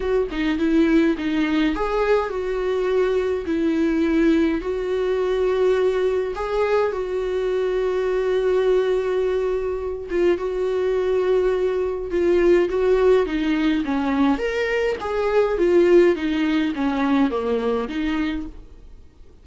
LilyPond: \new Staff \with { instrumentName = "viola" } { \time 4/4 \tempo 4 = 104 fis'8 dis'8 e'4 dis'4 gis'4 | fis'2 e'2 | fis'2. gis'4 | fis'1~ |
fis'4. f'8 fis'2~ | fis'4 f'4 fis'4 dis'4 | cis'4 ais'4 gis'4 f'4 | dis'4 cis'4 ais4 dis'4 | }